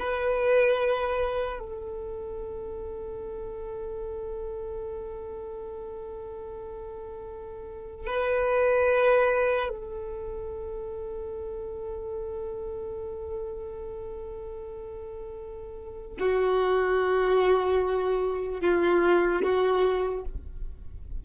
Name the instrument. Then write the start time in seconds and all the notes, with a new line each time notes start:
violin
0.00 B4
1.60 A4
8.07 B4
9.69 A4
16.20 F#4
18.61 F4
19.43 F#4